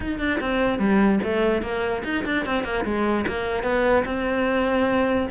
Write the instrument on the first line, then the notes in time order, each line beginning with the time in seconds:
cello
0.00 D#4
0.19 D4
0.40 C4
0.78 G3
1.23 A3
1.62 A#3
2.03 D#4
2.25 D4
2.45 C4
2.64 A#3
2.85 G#3
3.27 A#3
3.63 B3
4.05 C4